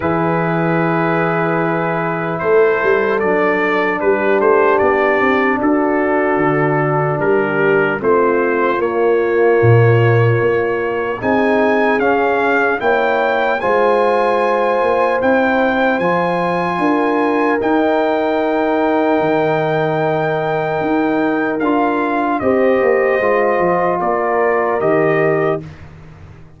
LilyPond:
<<
  \new Staff \with { instrumentName = "trumpet" } { \time 4/4 \tempo 4 = 75 b'2. c''4 | d''4 b'8 c''8 d''4 a'4~ | a'4 ais'4 c''4 cis''4~ | cis''2 gis''4 f''4 |
g''4 gis''2 g''4 | gis''2 g''2~ | g''2. f''4 | dis''2 d''4 dis''4 | }
  \new Staff \with { instrumentName = "horn" } { \time 4/4 gis'2. a'4~ | a'4 g'2 fis'4~ | fis'4 g'4 f'2~ | f'2 gis'2 |
cis''4 c''2.~ | c''4 ais'2.~ | ais'1 | c''2 ais'2 | }
  \new Staff \with { instrumentName = "trombone" } { \time 4/4 e'1 | d'1~ | d'2 c'4 ais4~ | ais2 dis'4 cis'4 |
e'4 f'2 e'4 | f'2 dis'2~ | dis'2. f'4 | g'4 f'2 g'4 | }
  \new Staff \with { instrumentName = "tuba" } { \time 4/4 e2. a8 g8 | fis4 g8 a8 b8 c'8 d'4 | d4 g4 a4 ais4 | ais,4 ais4 c'4 cis'4 |
ais4 gis4. ais8 c'4 | f4 d'4 dis'2 | dis2 dis'4 d'4 | c'8 ais8 gis8 f8 ais4 dis4 | }
>>